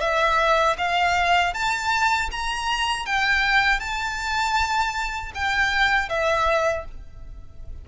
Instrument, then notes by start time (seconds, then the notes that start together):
violin
0.00 E5
0.78 F5
1.54 A5
2.31 A#5
3.06 G5
3.80 A5
5.34 G5
6.09 E5